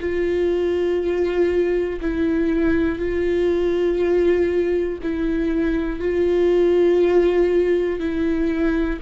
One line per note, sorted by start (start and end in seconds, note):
0.00 2.00 F4
2.00 2.98 E4
2.98 4.98 F4
5.02 5.99 E4
5.99 7.99 F4
7.99 8.99 E4